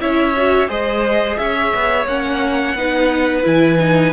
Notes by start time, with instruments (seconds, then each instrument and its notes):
0.00 cello C#4, viola E4, violin C#5 E5
0.37 viola F#4
0.68 cello G#3, viola G#4, violin C5 D#5
1.38 cello C#4, violin C#5 E5
1.75 cello B3
2.06 cello A#3, viola C#4, violin F#5
2.75 cello B3, viola D#4, violin B4
3.43 cello E3, viola E4, violin G#5
3.80 viola D#4